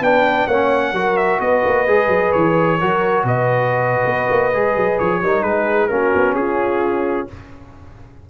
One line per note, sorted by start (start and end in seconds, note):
0.00 0.46 B3
0.00 0.49 D4
0.00 0.47 B4
0.00 0.47 G5
0.47 0.92 A#3
0.47 0.95 C#4
0.47 0.93 C#5
0.47 1.17 F#5
0.92 1.39 F#3
0.92 1.87 F#4
0.92 1.40 A#4
1.17 1.40 E5
1.40 1.63 B3
1.40 2.78 B4
1.40 2.32 D#5
1.64 1.87 A#3
1.87 2.07 G#3
1.87 2.79 G#4
2.07 2.30 F#3
2.32 2.81 E3
2.32 3.24 C#5
2.79 3.24 F#3
2.79 4.53 F#4
2.79 3.24 A#4
3.24 4.04 B2
3.24 5.20 B4
3.24 4.99 D#5
4.05 4.28 B3
4.30 4.53 A#3
4.53 4.76 G#3
4.53 5.22 G#4
4.76 4.99 F#3
4.99 5.22 F3
4.99 5.43 C#5
5.22 5.42 G3
5.22 5.90 D#4
5.22 5.44 A#4
5.42 5.89 G#3
5.42 5.90 G#4
5.42 5.87 B4
5.87 6.13 A#3
5.87 7.28 C#4
5.87 6.37 F#4
5.87 6.34 A#4
6.15 6.35 B3
6.35 7.27 C#4
6.35 7.30 F4
6.35 7.27 G#4